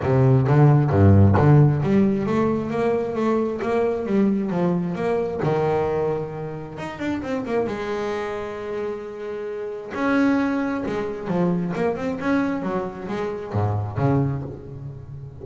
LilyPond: \new Staff \with { instrumentName = "double bass" } { \time 4/4 \tempo 4 = 133 c4 d4 g,4 d4 | g4 a4 ais4 a4 | ais4 g4 f4 ais4 | dis2. dis'8 d'8 |
c'8 ais8 gis2.~ | gis2 cis'2 | gis4 f4 ais8 c'8 cis'4 | fis4 gis4 gis,4 cis4 | }